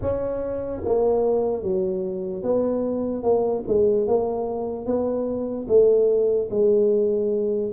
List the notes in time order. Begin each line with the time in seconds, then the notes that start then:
0.01 C#4
0.84 A#3
1.63 F#3
2.43 B3
3.22 A#3
3.67 G#3
4.07 A#3
4.85 B3
5.68 A3
6.50 G#3